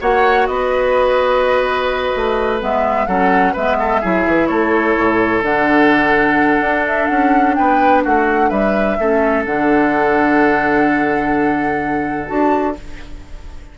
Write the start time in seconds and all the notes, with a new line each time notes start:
0.00 A#3 F#4 C#5 F#5
0.47 B3 B4 D#5
2.15 A3
2.60 G#3 B3 E5
3.06 F#3 C#4 A4 F#5
3.52 G#3 B3 B4 E5
3.79 A4
4.00 F#3 E4 G#4
4.26 E3
4.47 A3 A4 C#5
4.97 A2
5.42 D3 D4 F#5
6.60 D4
6.86 E5
7.07 C#4 F#5
7.54 B3 B4 G5
8.03 A3 F#4 F#5
8.49 G3 B4 E5
8.99 A3 C#4 A4
9.45 D3 D4 F#5
12.27 D4 F#4 A5